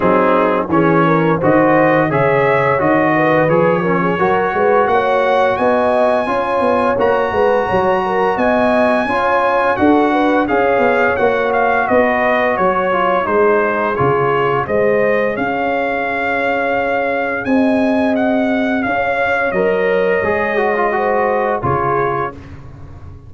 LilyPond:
<<
  \new Staff \with { instrumentName = "trumpet" } { \time 4/4 \tempo 4 = 86 gis'4 cis''4 dis''4 e''4 | dis''4 cis''2 fis''4 | gis''2 ais''2 | gis''2 fis''4 f''4 |
fis''8 f''8 dis''4 cis''4 c''4 | cis''4 dis''4 f''2~ | f''4 gis''4 fis''4 f''4 | dis''2. cis''4 | }
  \new Staff \with { instrumentName = "horn" } { \time 4/4 dis'4 gis'8 ais'8 c''4 cis''4~ | cis''8 b'4 ais'16 gis'16 ais'8 b'8 cis''4 | dis''4 cis''4. b'8 cis''8 ais'8 | dis''4 cis''4 a'8 b'8 cis''4~ |
cis''4 b'4 cis''4 gis'4~ | gis'4 c''4 cis''2~ | cis''4 dis''2 cis''4~ | cis''2 c''4 gis'4 | }
  \new Staff \with { instrumentName = "trombone" } { \time 4/4 c'4 cis'4 fis'4 gis'4 | fis'4 gis'8 cis'8 fis'2~ | fis'4 f'4 fis'2~ | fis'4 f'4 fis'4 gis'4 |
fis'2~ fis'8 f'8 dis'4 | f'4 gis'2.~ | gis'1 | ais'4 gis'8 fis'16 f'16 fis'4 f'4 | }
  \new Staff \with { instrumentName = "tuba" } { \time 4/4 fis4 e4 dis4 cis4 | dis4 f4 fis8 gis8 ais4 | b4 cis'8 b8 ais8 gis8 fis4 | b4 cis'4 d'4 cis'8 b8 |
ais4 b4 fis4 gis4 | cis4 gis4 cis'2~ | cis'4 c'2 cis'4 | fis4 gis2 cis4 | }
>>